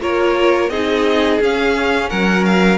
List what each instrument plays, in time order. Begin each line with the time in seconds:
0.00 cello A#3, viola F4, violin A#4 C#5
0.69 cello C4, viola D#4, violin G#4 D#5
1.41 cello C#4, viola C#4, violin F5
2.09 cello F#3, violin A#4 F#5
2.45 violin F5